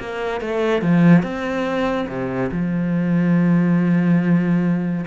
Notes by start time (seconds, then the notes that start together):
0.00 A#3
0.41 A3
0.82 F3
1.23 C4
2.08 C3
2.52 F3